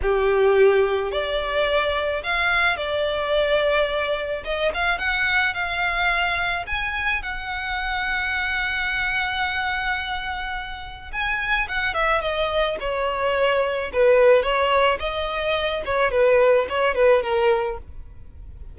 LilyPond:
\new Staff \with { instrumentName = "violin" } { \time 4/4 \tempo 4 = 108 g'2 d''2 | f''4 d''2. | dis''8 f''8 fis''4 f''2 | gis''4 fis''2.~ |
fis''1 | gis''4 fis''8 e''8 dis''4 cis''4~ | cis''4 b'4 cis''4 dis''4~ | dis''8 cis''8 b'4 cis''8 b'8 ais'4 | }